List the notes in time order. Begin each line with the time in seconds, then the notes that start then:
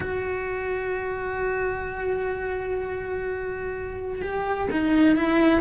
0.00 F#4
4.21 G4
4.71 D#4
5.16 E4